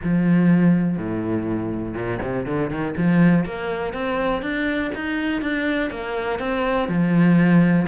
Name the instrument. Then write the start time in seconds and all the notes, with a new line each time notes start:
cello
0.03 F3
0.97 A2
1.94 A#2
2.21 C3
2.46 D3
2.70 D#3
2.97 F3
3.45 A#3
3.93 C4
4.42 D4
4.94 D#4
5.41 D4
5.90 A#3
6.39 C4
6.88 F3